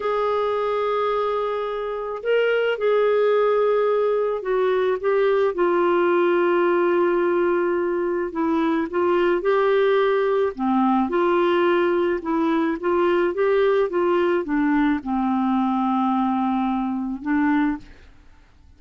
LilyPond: \new Staff \with { instrumentName = "clarinet" } { \time 4/4 \tempo 4 = 108 gis'1 | ais'4 gis'2. | fis'4 g'4 f'2~ | f'2. e'4 |
f'4 g'2 c'4 | f'2 e'4 f'4 | g'4 f'4 d'4 c'4~ | c'2. d'4 | }